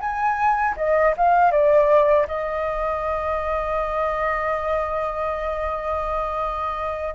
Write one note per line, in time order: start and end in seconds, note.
0.00 0.75 G#5
0.77 1.14 D#5
1.17 1.51 F5
1.51 2.26 D5
2.27 7.14 D#5